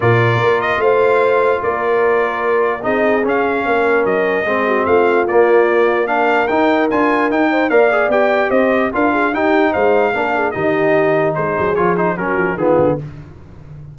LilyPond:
<<
  \new Staff \with { instrumentName = "trumpet" } { \time 4/4 \tempo 4 = 148 d''4. dis''8 f''2 | d''2. dis''4 | f''2 dis''2 | f''4 d''2 f''4 |
g''4 gis''4 g''4 f''4 | g''4 dis''4 f''4 g''4 | f''2 dis''2 | c''4 cis''8 c''8 ais'4 gis'4 | }
  \new Staff \with { instrumentName = "horn" } { \time 4/4 ais'2 c''2 | ais'2. gis'4~ | gis'4 ais'2 gis'8 fis'8 | f'2. ais'4~ |
ais'2~ ais'8 c''8 d''4~ | d''4 c''4 ais'8 gis'8 g'4 | c''4 ais'8 gis'8 g'2 | gis'2 fis'4 f'4 | }
  \new Staff \with { instrumentName = "trombone" } { \time 4/4 f'1~ | f'2. dis'4 | cis'2. c'4~ | c'4 ais2 d'4 |
dis'4 f'4 dis'4 ais'8 gis'8 | g'2 f'4 dis'4~ | dis'4 d'4 dis'2~ | dis'4 f'8 dis'8 cis'4 b4 | }
  \new Staff \with { instrumentName = "tuba" } { \time 4/4 ais,4 ais4 a2 | ais2. c'4 | cis'4 ais4 fis4 gis4 | a4 ais2. |
dis'4 d'4 dis'4 ais4 | b4 c'4 d'4 dis'4 | gis4 ais4 dis2 | gis8 fis8 f4 fis8 f8 dis8 d8 | }
>>